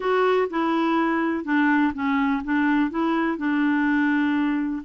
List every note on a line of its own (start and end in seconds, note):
0.00 0.48 F#4
0.50 1.44 E4
1.44 1.92 D4
1.94 2.42 C#4
2.44 2.90 D4
2.90 3.37 E4
3.37 4.83 D4